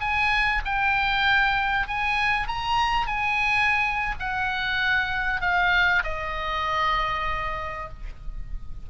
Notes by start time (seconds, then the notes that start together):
0.00 G#5
0.65 G5
1.87 G#5
2.47 A#5
3.06 G#5
4.19 F#5
5.41 F5
6.03 D#5